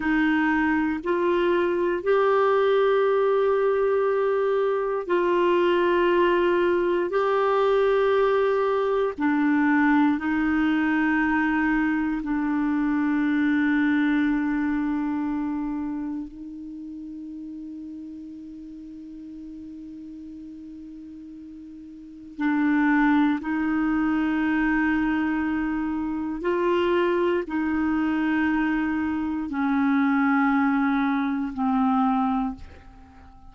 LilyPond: \new Staff \with { instrumentName = "clarinet" } { \time 4/4 \tempo 4 = 59 dis'4 f'4 g'2~ | g'4 f'2 g'4~ | g'4 d'4 dis'2 | d'1 |
dis'1~ | dis'2 d'4 dis'4~ | dis'2 f'4 dis'4~ | dis'4 cis'2 c'4 | }